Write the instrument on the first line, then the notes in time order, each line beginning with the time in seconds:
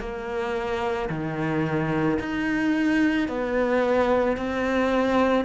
cello
0.00 A#3
1.10 D#3
2.20 D#4
3.28 B3
4.37 C4